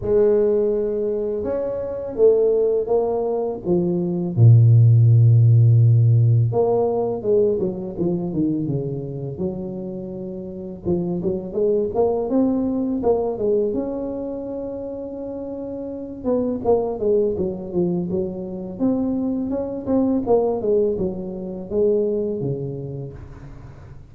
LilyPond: \new Staff \with { instrumentName = "tuba" } { \time 4/4 \tempo 4 = 83 gis2 cis'4 a4 | ais4 f4 ais,2~ | ais,4 ais4 gis8 fis8 f8 dis8 | cis4 fis2 f8 fis8 |
gis8 ais8 c'4 ais8 gis8 cis'4~ | cis'2~ cis'8 b8 ais8 gis8 | fis8 f8 fis4 c'4 cis'8 c'8 | ais8 gis8 fis4 gis4 cis4 | }